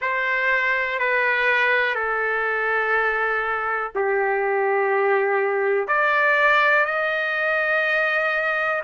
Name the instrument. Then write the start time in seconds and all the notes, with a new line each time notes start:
trumpet
0.00 C5
0.99 B4
1.94 A4
3.95 G4
5.87 D5
6.85 D#5